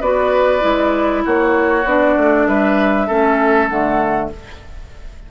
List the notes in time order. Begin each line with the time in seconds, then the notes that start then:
0.00 B3 F#4 B4 D5
0.60 G#3 E4
1.25 A#3 F#4 C#5
1.84 B3 D4 D5
2.17 A3
2.47 G3 B4 E5
3.07 A3 C#4 A4
3.68 D3 A3 F#5